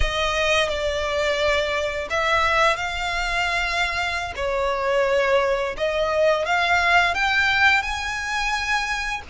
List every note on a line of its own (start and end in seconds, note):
0.00 0.68 D#5
0.68 2.08 D5
2.10 2.76 E5
2.76 4.33 F5
4.36 5.75 C#5
5.77 6.45 D#5
6.45 7.14 F5
7.14 7.82 G5
7.82 9.22 G#5